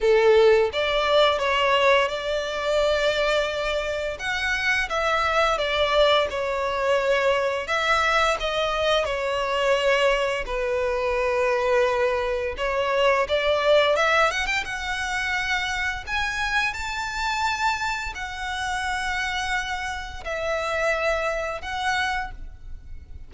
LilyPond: \new Staff \with { instrumentName = "violin" } { \time 4/4 \tempo 4 = 86 a'4 d''4 cis''4 d''4~ | d''2 fis''4 e''4 | d''4 cis''2 e''4 | dis''4 cis''2 b'4~ |
b'2 cis''4 d''4 | e''8 fis''16 g''16 fis''2 gis''4 | a''2 fis''2~ | fis''4 e''2 fis''4 | }